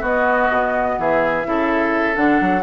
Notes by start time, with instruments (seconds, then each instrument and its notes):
0.00 bassoon B3, clarinet B3, oboe F#4, flute D#5
0.50 bassoon B2
0.98 bassoon E3, oboe G#4, flute E5
1.44 bassoon C#3, clarinet E4, oboe A4
2.14 bassoon D3, clarinet D4, flute F#5
2.41 bassoon F#3